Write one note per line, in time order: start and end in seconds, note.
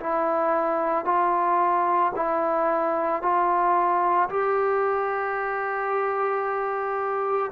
0.00 1.05 E4
1.05 2.12 F4
2.16 3.22 E4
3.22 4.30 F4
4.30 7.51 G4